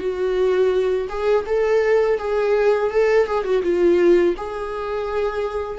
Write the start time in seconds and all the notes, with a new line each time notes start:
0.00 F#4
1.09 G#4
1.47 A4
2.19 G#4
2.91 A4
3.27 G#4
3.45 F#4
3.63 F4
4.38 G#4